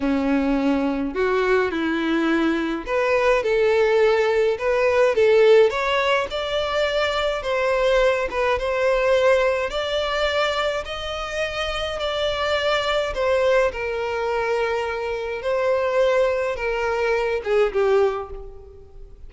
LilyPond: \new Staff \with { instrumentName = "violin" } { \time 4/4 \tempo 4 = 105 cis'2 fis'4 e'4~ | e'4 b'4 a'2 | b'4 a'4 cis''4 d''4~ | d''4 c''4. b'8 c''4~ |
c''4 d''2 dis''4~ | dis''4 d''2 c''4 | ais'2. c''4~ | c''4 ais'4. gis'8 g'4 | }